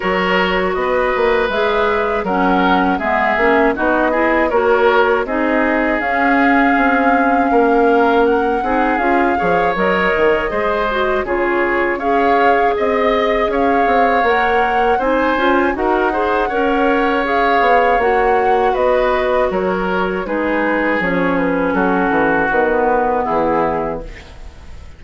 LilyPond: <<
  \new Staff \with { instrumentName = "flute" } { \time 4/4 \tempo 4 = 80 cis''4 dis''4 e''4 fis''4 | e''4 dis''4 cis''4 dis''4 | f''2. fis''4 | f''4 dis''2 cis''4 |
f''4 dis''4 f''4 fis''4 | gis''4 fis''2 f''4 | fis''4 dis''4 cis''4 b'4 | cis''8 b'8 a'4 b'4 gis'4 | }
  \new Staff \with { instrumentName = "oboe" } { \time 4/4 ais'4 b'2 ais'4 | gis'4 fis'8 gis'8 ais'4 gis'4~ | gis'2 ais'4. gis'8~ | gis'8 cis''4. c''4 gis'4 |
cis''4 dis''4 cis''2 | c''4 ais'8 c''8 cis''2~ | cis''4 b'4 ais'4 gis'4~ | gis'4 fis'2 e'4 | }
  \new Staff \with { instrumentName = "clarinet" } { \time 4/4 fis'2 gis'4 cis'4 | b8 cis'8 dis'8 e'8 fis'4 dis'4 | cis'2.~ cis'8 dis'8 | f'8 gis'8 ais'4 gis'8 fis'8 f'4 |
gis'2. ais'4 | dis'8 f'8 fis'8 gis'8 ais'4 gis'4 | fis'2. dis'4 | cis'2 b2 | }
  \new Staff \with { instrumentName = "bassoon" } { \time 4/4 fis4 b8 ais8 gis4 fis4 | gis8 ais8 b4 ais4 c'4 | cis'4 c'4 ais4. c'8 | cis'8 f8 fis8 dis8 gis4 cis4 |
cis'4 c'4 cis'8 c'8 ais4 | c'8 cis'8 dis'4 cis'4. b8 | ais4 b4 fis4 gis4 | f4 fis8 e8 dis4 e4 | }
>>